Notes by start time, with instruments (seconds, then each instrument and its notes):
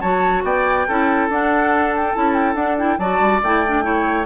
0.00 bassoon F#3, clarinet F#4, oboe C#5, flute A5
0.43 bassoon B3, oboe D5, flute G5
0.87 bassoon C#4, clarinet E4, oboe A4
1.29 bassoon D4, clarinet D4, flute F#5
1.95 flute G5
2.13 bassoon C#4, clarinet E4, flute A5
2.33 flute G5
2.54 bassoon D4, clarinet D4, flute F#5
2.77 clarinet E4, flute G5
2.98 bassoon F#3, clarinet F#4, oboe D5, flute A5
3.19 bassoon G3
3.42 bassoon A3, clarinet E4, flute G5
3.66 clarinet D4
3.82 clarinet E4, oboe C#5